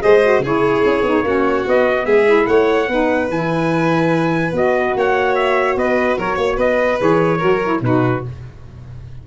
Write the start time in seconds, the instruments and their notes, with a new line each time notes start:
0.00 tuba G#3, saxophone G#4, violin C5, trumpet D#5
0.23 saxophone F#4
0.39 tuba C#3, saxophone E4, violin G#4
0.45 trumpet C#5
0.84 tuba C#4
1.01 tuba B3, saxophone D#4
1.23 tuba A#3, saxophone C#4, violin F#4
1.65 saxophone B3, tuba B3, trumpet D#5
2.05 tuba G#3, violin G#4, trumpet E5
2.25 saxophone E4
2.46 tuba A3, violin C#5, trumpet F#5
2.88 tuba B3, saxophone D#4, violin B4
3.29 tuba E3, saxophone E4, trumpet G#5
4.52 tuba B3, saxophone F#4, trumpet D#5
4.95 tuba A#3, violin C#5, trumpet F#5
5.35 trumpet E5
5.76 tuba B3, violin B4, trumpet D#5
6.18 tuba F#3, violin A#4, trumpet C#5
6.35 tuba A#3, violin C#5
6.56 tuba B3, violin B4, trumpet D#5
6.99 tuba E3, saxophone G#4, trumpet C#5
7.37 tuba F#3, saxophone F#4, violin A#4
7.63 saxophone E4
7.81 tuba B2, saxophone D#4, violin F#4, trumpet B4